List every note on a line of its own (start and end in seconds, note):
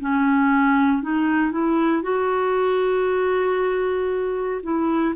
0.00 1.02 C#4
1.02 1.51 D#4
1.51 2.02 E4
2.02 4.61 F#4
4.63 5.14 E4